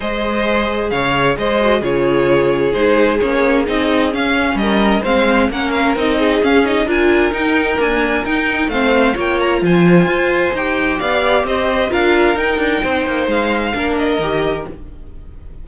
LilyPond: <<
  \new Staff \with { instrumentName = "violin" } { \time 4/4 \tempo 4 = 131 dis''2 f''4 dis''4 | cis''2 c''4 cis''4 | dis''4 f''4 dis''4 f''4 | fis''8 f''8 dis''4 f''8 dis''8 gis''4 |
g''4 gis''4 g''4 f''4 | g''8 ais''8 gis''2 g''4 | f''4 dis''4 f''4 g''4~ | g''4 f''4. dis''4. | }
  \new Staff \with { instrumentName = "violin" } { \time 4/4 c''2 cis''4 c''4 | gis'1~ | gis'2 ais'4 c''4 | ais'4. gis'4. ais'4~ |
ais'2. c''4 | cis''4 c''2. | d''4 c''4 ais'2 | c''2 ais'2 | }
  \new Staff \with { instrumentName = "viola" } { \time 4/4 gis'2.~ gis'8 fis'8 | f'2 dis'4 cis'4 | dis'4 cis'2 c'4 | cis'4 dis'4 cis'8 dis'8 f'4 |
dis'4 ais4 dis'4 c'4 | f'2. g'4~ | g'2 f'4 dis'4~ | dis'2 d'4 g'4 | }
  \new Staff \with { instrumentName = "cello" } { \time 4/4 gis2 cis4 gis4 | cis2 gis4 ais4 | c'4 cis'4 g4 gis4 | ais4 c'4 cis'4 d'4 |
dis'4 d'4 dis'4 a4 | ais4 f4 f'4 dis'4 | b4 c'4 d'4 dis'8 d'8 | c'8 ais8 gis4 ais4 dis4 | }
>>